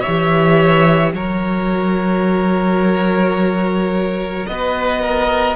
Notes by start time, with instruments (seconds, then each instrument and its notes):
0.00 viola G4, violin C#5 E5
0.07 cello E3
1.12 cello F#3, viola F#4, violin A#4 C#5
4.46 cello B3, violin B4 D#5
5.02 violin A#4